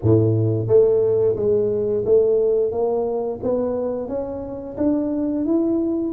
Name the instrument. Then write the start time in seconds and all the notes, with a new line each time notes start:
tuba
0.02 A2
0.67 A3
1.36 G#3
2.05 A3
2.71 A#3
3.42 B3
4.08 C#4
4.77 D4
5.45 E4